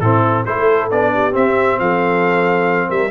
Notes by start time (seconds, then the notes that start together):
0.00 A2 C4 E4 A4
0.45 A3 E4 A4 C5
0.90 B3 D4 D5
1.13 G4
1.31 C4 E5
1.79 F3 A4 F5
2.88 G3 A#4 E5